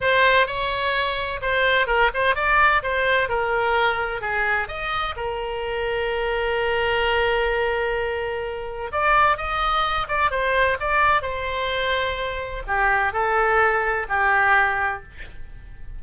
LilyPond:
\new Staff \with { instrumentName = "oboe" } { \time 4/4 \tempo 4 = 128 c''4 cis''2 c''4 | ais'8 c''8 d''4 c''4 ais'4~ | ais'4 gis'4 dis''4 ais'4~ | ais'1~ |
ais'2. d''4 | dis''4. d''8 c''4 d''4 | c''2. g'4 | a'2 g'2 | }